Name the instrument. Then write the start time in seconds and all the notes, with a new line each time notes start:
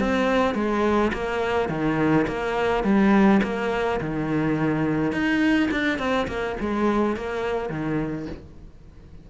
cello
0.00 C4
0.55 G#3
1.13 A#3
1.69 D#3
2.28 A#3
2.84 G3
3.43 A#3
4.01 D#3
5.12 D#4
5.71 D4
5.98 C4
6.28 A#3
6.60 G#3
7.16 A#3
7.69 D#3